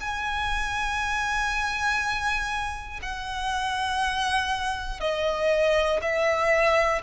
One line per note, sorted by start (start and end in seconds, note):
0.00 3.00 G#5
3.02 5.00 F#5
5.00 6.00 D#5
6.02 7.02 E5